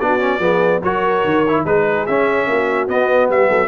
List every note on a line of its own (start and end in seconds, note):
0.00 0.39 B3
0.00 0.19 D4
0.00 0.41 F#4
0.00 0.82 D5
0.19 0.40 C#4
0.39 0.80 F3
0.39 0.82 B3
0.39 0.82 G#4
0.83 1.24 F#3
0.83 1.46 F#4
0.83 1.65 A#4
0.83 1.65 C#5
1.24 1.65 D#3
1.48 1.67 E4
1.65 2.06 G#3
1.65 2.08 D#4
1.65 2.49 G#4
1.65 2.06 B4
2.06 2.47 C#4
2.06 2.88 C#4
2.06 2.88 E5
2.47 2.88 A#3
2.47 3.32 F#4
2.88 3.68 B3
2.88 3.29 B3
2.88 3.30 D#5
3.29 3.50 G3
3.29 3.49 G4
3.29 3.68 E5
3.49 3.68 F#3
3.49 3.68 A4